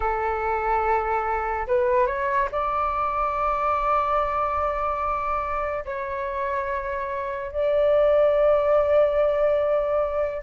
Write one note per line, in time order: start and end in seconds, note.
0.00 1.66 A4
1.67 2.06 B4
2.06 2.48 C#5
2.51 5.84 D5
5.85 7.51 C#5
7.51 10.42 D5